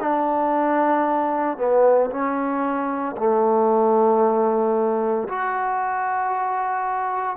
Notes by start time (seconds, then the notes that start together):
0.00 D4
1.57 B3
2.11 C#4
3.17 A3
5.28 F#4